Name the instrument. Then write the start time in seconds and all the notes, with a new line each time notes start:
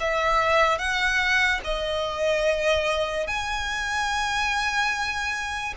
violin
0.00 E5
0.78 F#5
1.64 D#5
3.27 G#5